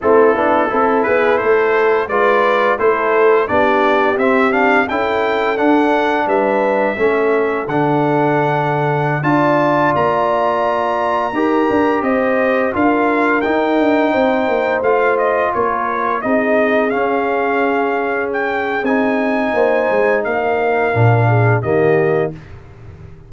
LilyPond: <<
  \new Staff \with { instrumentName = "trumpet" } { \time 4/4 \tempo 4 = 86 a'4. b'8 c''4 d''4 | c''4 d''4 e''8 f''8 g''4 | fis''4 e''2 fis''4~ | fis''4~ fis''16 a''4 ais''4.~ ais''16~ |
ais''4~ ais''16 dis''4 f''4 g''8.~ | g''4~ g''16 f''8 dis''8 cis''4 dis''8.~ | dis''16 f''2 g''8. gis''4~ | gis''4 f''2 dis''4 | }
  \new Staff \with { instrumentName = "horn" } { \time 4/4 e'4 a'8 gis'8 a'4 b'4 | a'4 g'2 a'4~ | a'4 b'4 a'2~ | a'4~ a'16 d''2~ d''8.~ |
d''16 ais'4 c''4 ais'4.~ ais'16~ | ais'16 c''2 ais'4 gis'8.~ | gis'1 | c''4 ais'4. gis'8 g'4 | }
  \new Staff \with { instrumentName = "trombone" } { \time 4/4 c'8 d'8 e'2 f'4 | e'4 d'4 c'8 d'8 e'4 | d'2 cis'4 d'4~ | d'4~ d'16 f'2~ f'8.~ |
f'16 g'2 f'4 dis'8.~ | dis'4~ dis'16 f'2 dis'8.~ | dis'16 cis'2~ cis'8. dis'4~ | dis'2 d'4 ais4 | }
  \new Staff \with { instrumentName = "tuba" } { \time 4/4 a8 b8 c'8 b8 a4 gis4 | a4 b4 c'4 cis'4 | d'4 g4 a4 d4~ | d4~ d16 d'4 ais4.~ ais16~ |
ais16 dis'8 d'8 c'4 d'4 dis'8 d'16~ | d'16 c'8 ais8 a4 ais4 c'8.~ | c'16 cis'2~ cis'8. c'4 | ais8 gis8 ais4 ais,4 dis4 | }
>>